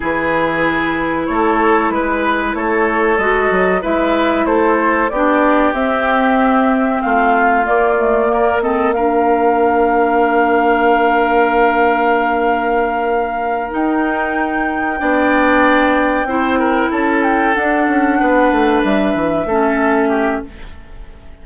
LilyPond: <<
  \new Staff \with { instrumentName = "flute" } { \time 4/4 \tempo 4 = 94 b'2 cis''4 b'4 | cis''4 dis''4 e''4 c''4 | d''4 e''2 f''4 | d''4. dis''8 f''2~ |
f''1~ | f''4. g''2~ g''8~ | g''2~ g''8 a''8 g''8 fis''8~ | fis''4. e''2~ e''8 | }
  \new Staff \with { instrumentName = "oboe" } { \time 4/4 gis'2 a'4 b'4 | a'2 b'4 a'4 | g'2. f'4~ | f'4 ais'8 a'8 ais'2~ |
ais'1~ | ais'2.~ ais'8 d''8~ | d''4. c''8 ais'8 a'4.~ | a'8 b'2 a'4 g'8 | }
  \new Staff \with { instrumentName = "clarinet" } { \time 4/4 e'1~ | e'4 fis'4 e'2 | d'4 c'2. | ais8 a8 ais8 c'8 d'2~ |
d'1~ | d'4. dis'2 d'8~ | d'4. e'2 d'8~ | d'2~ d'8 cis'4. | }
  \new Staff \with { instrumentName = "bassoon" } { \time 4/4 e2 a4 gis4 | a4 gis8 fis8 gis4 a4 | b4 c'2 a4 | ais1~ |
ais1~ | ais4. dis'2 b8~ | b4. c'4 cis'4 d'8 | cis'8 b8 a8 g8 e8 a4. | }
>>